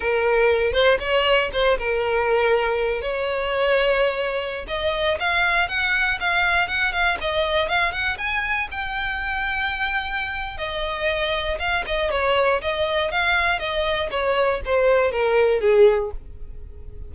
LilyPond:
\new Staff \with { instrumentName = "violin" } { \time 4/4 \tempo 4 = 119 ais'4. c''8 cis''4 c''8 ais'8~ | ais'2 cis''2~ | cis''4~ cis''16 dis''4 f''4 fis''8.~ | fis''16 f''4 fis''8 f''8 dis''4 f''8 fis''16~ |
fis''16 gis''4 g''2~ g''8.~ | g''4 dis''2 f''8 dis''8 | cis''4 dis''4 f''4 dis''4 | cis''4 c''4 ais'4 gis'4 | }